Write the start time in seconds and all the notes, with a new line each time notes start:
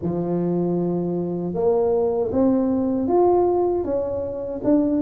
0.02 F3
1.53 A#3
2.31 C4
3.07 F4
3.84 C#4
4.64 D4